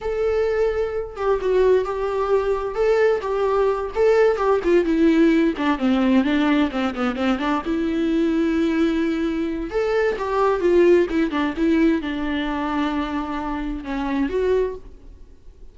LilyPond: \new Staff \with { instrumentName = "viola" } { \time 4/4 \tempo 4 = 130 a'2~ a'8 g'8 fis'4 | g'2 a'4 g'4~ | g'8 a'4 g'8 f'8 e'4. | d'8 c'4 d'4 c'8 b8 c'8 |
d'8 e'2.~ e'8~ | e'4 a'4 g'4 f'4 | e'8 d'8 e'4 d'2~ | d'2 cis'4 fis'4 | }